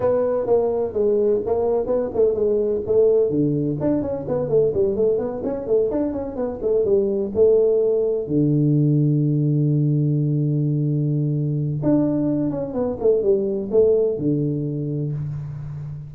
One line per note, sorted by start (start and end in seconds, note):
0.00 0.46 B3
0.46 0.93 A#3
0.93 1.40 G#3
1.46 1.86 A#3
1.86 2.10 B3
2.14 2.34 A3
2.34 2.81 G#3
2.86 3.30 A3
3.30 3.77 D3
3.80 4.02 D4
4.02 4.25 C#4
4.28 4.48 B3
4.48 4.72 A3
4.74 4.96 G3
4.96 5.18 A3
5.18 5.42 B3
5.44 5.66 C#4
5.66 5.90 A3
5.91 6.12 D4
6.12 6.35 C#4
6.35 6.59 B3
6.62 6.84 A3
6.84 7.31 G3
7.34 8.27 A3
8.27 11.81 D3
11.83 12.50 D4
12.50 12.73 C#4
12.73 12.97 B3
13.00 13.22 A3
13.22 13.70 G3
13.71 14.17 A3
14.17 15.12 D3